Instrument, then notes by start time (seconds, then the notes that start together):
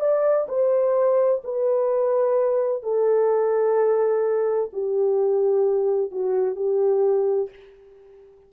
horn
0.00 D5
0.49 C5
1.44 B4
2.83 A4
4.73 G4
6.12 F#4
6.56 G4